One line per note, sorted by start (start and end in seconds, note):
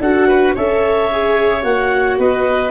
0.00 0.55 D4
0.00 0.57 F#4
0.00 0.28 A4
0.00 0.55 F#5
0.28 0.55 B4
0.55 1.64 C#4
0.55 1.11 A4
0.55 2.18 C#5
0.55 1.64 E5
1.12 1.61 G#4
1.61 2.18 A#3
1.61 2.71 F#4
1.61 2.18 F#5
2.18 2.71 B3
2.18 2.71 B4
2.18 2.71 D#5